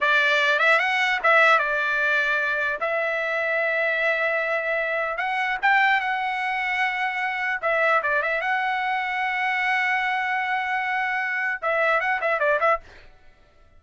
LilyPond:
\new Staff \with { instrumentName = "trumpet" } { \time 4/4 \tempo 4 = 150 d''4. e''8 fis''4 e''4 | d''2. e''4~ | e''1~ | e''4 fis''4 g''4 fis''4~ |
fis''2. e''4 | d''8 e''8 fis''2.~ | fis''1~ | fis''4 e''4 fis''8 e''8 d''8 e''8 | }